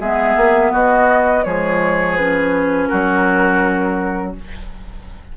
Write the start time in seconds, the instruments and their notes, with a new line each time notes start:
0.00 bassoon G#3, clarinet B3, oboe G#4, flute E5
0.37 bassoon A#3
0.72 bassoon B3, oboe F#4, flute D#5
1.44 bassoon F3, clarinet G#3, oboe G#4, flute C#5
2.17 clarinet C#4, flute B4
2.88 bassoon F#3, oboe F#4, flute A#4